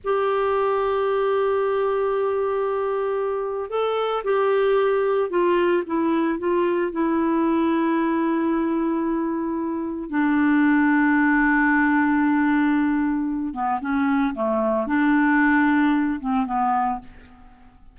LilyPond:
\new Staff \with { instrumentName = "clarinet" } { \time 4/4 \tempo 4 = 113 g'1~ | g'2. a'4 | g'2 f'4 e'4 | f'4 e'2.~ |
e'2. d'4~ | d'1~ | d'4. b8 cis'4 a4 | d'2~ d'8 c'8 b4 | }